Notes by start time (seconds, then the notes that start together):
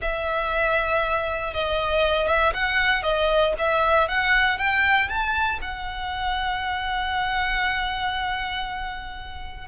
0.01 E5
1.53 D#5
2.27 E5
2.53 F#5
3.02 D#5
3.58 E5
4.08 F#5
4.57 G5
5.08 A5
5.61 F#5